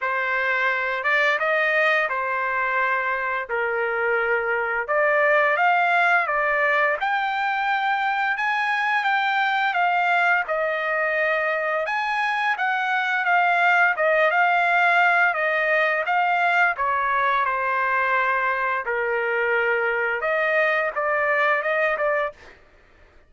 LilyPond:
\new Staff \with { instrumentName = "trumpet" } { \time 4/4 \tempo 4 = 86 c''4. d''8 dis''4 c''4~ | c''4 ais'2 d''4 | f''4 d''4 g''2 | gis''4 g''4 f''4 dis''4~ |
dis''4 gis''4 fis''4 f''4 | dis''8 f''4. dis''4 f''4 | cis''4 c''2 ais'4~ | ais'4 dis''4 d''4 dis''8 d''8 | }